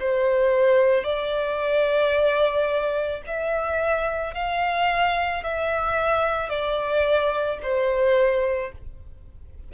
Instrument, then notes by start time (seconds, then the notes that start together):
violin
0.00 C5
1.04 D5
3.27 E5
4.34 F5
5.43 E5
6.50 D5
7.63 C5